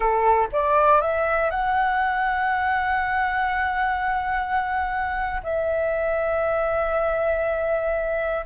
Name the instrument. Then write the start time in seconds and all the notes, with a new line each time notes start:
flute
0.00 A4
0.52 D5
1.01 E5
1.50 F#5
5.43 E5